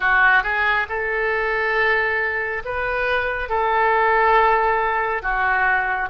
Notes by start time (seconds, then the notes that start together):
0.00 F#4
0.43 G#4
0.89 A4
2.64 B4
3.49 A4
5.22 F#4